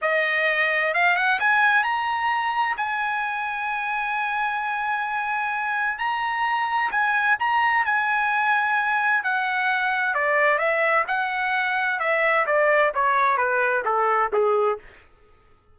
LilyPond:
\new Staff \with { instrumentName = "trumpet" } { \time 4/4 \tempo 4 = 130 dis''2 f''8 fis''8 gis''4 | ais''2 gis''2~ | gis''1~ | gis''4 ais''2 gis''4 |
ais''4 gis''2. | fis''2 d''4 e''4 | fis''2 e''4 d''4 | cis''4 b'4 a'4 gis'4 | }